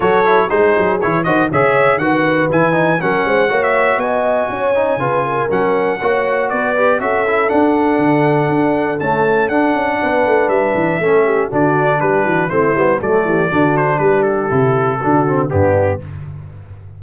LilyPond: <<
  \new Staff \with { instrumentName = "trumpet" } { \time 4/4 \tempo 4 = 120 cis''4 c''4 cis''8 dis''8 e''4 | fis''4 gis''4 fis''4~ fis''16 e''8. | gis''2. fis''4~ | fis''4 d''4 e''4 fis''4~ |
fis''2 a''4 fis''4~ | fis''4 e''2 d''4 | b'4 c''4 d''4. c''8 | b'8 a'2~ a'8 g'4 | }
  \new Staff \with { instrumentName = "horn" } { \time 4/4 a'4 gis'4. c''8 cis''4 | b'2 ais'8 c''8 cis''4 | dis''4 cis''4 b'8 ais'4. | cis''4 b'4 a'2~ |
a'1 | b'2 a'8 g'8 fis'4 | g'8 fis'8 e'4 a'8 g'8 fis'4 | g'2 fis'4 d'4 | }
  \new Staff \with { instrumentName = "trombone" } { \time 4/4 fis'8 e'8 dis'4 e'8 fis'8 gis'4 | fis'4 e'8 dis'8 cis'4 fis'4~ | fis'4. dis'8 f'4 cis'4 | fis'4. g'8 fis'8 e'8 d'4~ |
d'2 a4 d'4~ | d'2 cis'4 d'4~ | d'4 c'8 b8 a4 d'4~ | d'4 e'4 d'8 c'8 b4 | }
  \new Staff \with { instrumentName = "tuba" } { \time 4/4 fis4 gis8 fis8 e8 dis8 cis4 | dis4 e4 fis8 gis8 ais4 | b4 cis'4 cis4 fis4 | ais4 b4 cis'4 d'4 |
d4 d'4 cis'4 d'8 cis'8 | b8 a8 g8 e8 a4 d4 | g8 e8 a8 g8 fis8 e8 d4 | g4 c4 d4 g,4 | }
>>